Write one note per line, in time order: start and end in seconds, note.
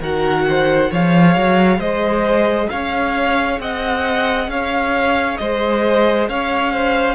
0.00 0.90 D#3
0.00 0.88 F#4
0.00 0.45 A#4
0.00 0.92 F#5
0.49 0.91 C5
0.88 1.36 F3
0.88 7.14 G#4
0.88 1.78 C#5
0.88 1.80 F5
1.36 1.78 F#3
1.78 2.67 G#3
1.78 2.68 C5
1.78 2.69 D#5
2.69 3.59 C#4
2.69 3.61 C#5
2.69 3.59 F5
3.59 4.47 C4
3.59 4.50 D#5
3.59 4.49 F#5
4.47 5.37 C#4
4.47 5.40 C#5
4.47 5.37 F5
5.37 6.28 G#3
5.37 6.29 C5
5.37 6.26 D#5
6.28 7.14 C#4
6.28 6.72 C#5
6.28 7.14 F5
6.72 7.14 C5